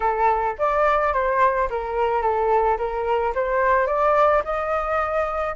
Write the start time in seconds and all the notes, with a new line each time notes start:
0.00 A4
0.58 D5
1.13 C5
1.70 A#4
2.22 A4
2.78 A#4
3.34 C5
3.87 D5
4.44 D#5